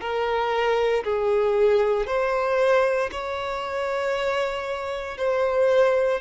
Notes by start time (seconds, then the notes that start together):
0.00 A#4
1.03 G#4
2.06 C5
3.11 C#5
5.17 C5